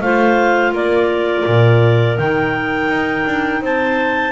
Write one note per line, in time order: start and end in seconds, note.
0.00 0.72 A3
0.00 2.18 F4
0.00 0.72 C5
0.00 0.73 F5
0.72 1.44 A#3
0.72 3.61 A#4
0.72 2.18 D5
1.46 2.18 A#2
2.18 2.88 D#3
2.18 4.32 D#4
2.18 3.62 G5
2.88 3.24 D#4
3.26 3.61 D4
3.61 4.32 C4
3.61 4.32 C5
3.61 4.32 A5